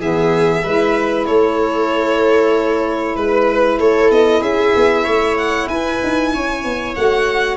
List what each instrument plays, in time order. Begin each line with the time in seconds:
0.00 tuba E3, saxophone B3, viola G#4, violin E5
0.64 tuba G#3, saxophone E4, viola B4
1.27 tuba A3, viola A4, violin C#5
3.16 tuba G#3, violin B4, viola B4
3.79 tuba A3, viola A4, violin C#5
4.11 tuba B3, violin D#5
4.41 tuba C#4, viola G#4, violin E5
4.76 tuba B3
5.04 tuba A3, viola C#5
5.38 violin F#5
5.68 tuba E4, viola B4, violin G#5
6.04 tuba D#4
6.34 tuba C#4, viola C#5
6.64 tuba B3
6.96 tuba A3, saxophone F#4, violin F#5